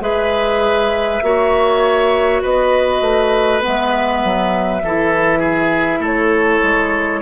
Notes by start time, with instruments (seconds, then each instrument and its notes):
0.00 bassoon G#3, clarinet G#4, oboe B4, flute E5
1.22 bassoon A#3, clarinet F#4, oboe C#5
2.42 bassoon B3, oboe B4, flute D#5
3.01 bassoon A3
3.60 clarinet B3
3.67 bassoon G#3, flute E5
4.24 bassoon F#3
4.83 bassoon E3, clarinet E4, oboe A4
5.39 oboe G#4
5.99 bassoon A3, oboe A4, flute C#5
6.62 bassoon G#3